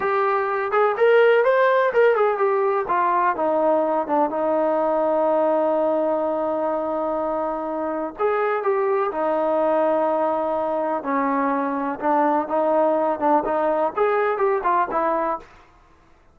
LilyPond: \new Staff \with { instrumentName = "trombone" } { \time 4/4 \tempo 4 = 125 g'4. gis'8 ais'4 c''4 | ais'8 gis'8 g'4 f'4 dis'4~ | dis'8 d'8 dis'2.~ | dis'1~ |
dis'4 gis'4 g'4 dis'4~ | dis'2. cis'4~ | cis'4 d'4 dis'4. d'8 | dis'4 gis'4 g'8 f'8 e'4 | }